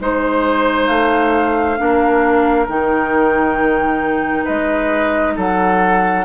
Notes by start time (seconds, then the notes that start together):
0.00 G#3 D#4 C5
0.87 A3 F5
1.77 A#3 D4 A#4
2.68 D#3 D#4 G5
4.44 G#3 B4 D#5
5.36 F#3 A4 F#5